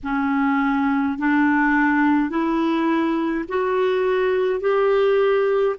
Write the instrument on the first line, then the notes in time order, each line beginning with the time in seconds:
clarinet
0.03 C#4
1.18 D4
2.29 E4
3.48 F#4
4.60 G4